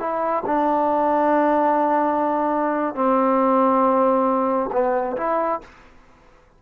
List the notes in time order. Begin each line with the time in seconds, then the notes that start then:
0.00 E4
0.46 D4
2.95 C4
4.73 B3
5.17 E4